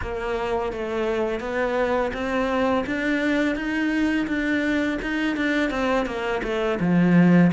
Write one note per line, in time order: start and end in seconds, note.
0.01 0.72 A#3
0.72 1.40 A3
1.40 2.11 B3
2.13 2.84 C4
2.86 3.55 D4
3.55 4.27 D#4
4.27 4.98 D4
5.02 5.36 D#4
5.36 5.70 D4
5.70 6.06 C4
6.06 6.41 A#3
6.43 6.79 A3
6.80 7.51 F3